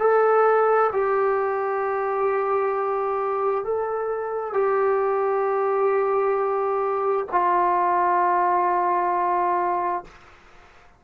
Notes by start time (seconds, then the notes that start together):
0.00 A4
0.93 G4
3.64 A4
4.54 G4
7.32 F4